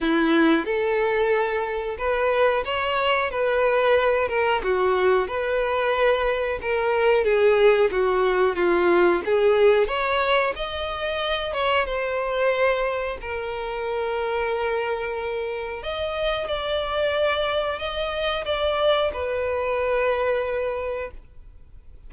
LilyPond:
\new Staff \with { instrumentName = "violin" } { \time 4/4 \tempo 4 = 91 e'4 a'2 b'4 | cis''4 b'4. ais'8 fis'4 | b'2 ais'4 gis'4 | fis'4 f'4 gis'4 cis''4 |
dis''4. cis''8 c''2 | ais'1 | dis''4 d''2 dis''4 | d''4 b'2. | }